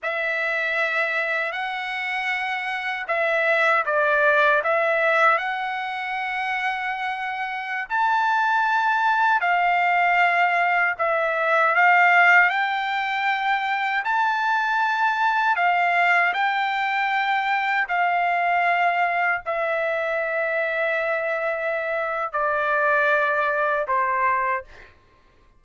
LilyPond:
\new Staff \with { instrumentName = "trumpet" } { \time 4/4 \tempo 4 = 78 e''2 fis''2 | e''4 d''4 e''4 fis''4~ | fis''2~ fis''16 a''4.~ a''16~ | a''16 f''2 e''4 f''8.~ |
f''16 g''2 a''4.~ a''16~ | a''16 f''4 g''2 f''8.~ | f''4~ f''16 e''2~ e''8.~ | e''4 d''2 c''4 | }